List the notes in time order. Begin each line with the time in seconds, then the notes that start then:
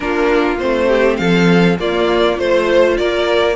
0.00 A#3 D4 F4 A#4
0.59 A3 C4 C5
0.87 G4
1.16 F3 A4 F5
1.79 A#3 F4 D5
2.35 A3 F4 C5
2.97 A#3 A#4 D5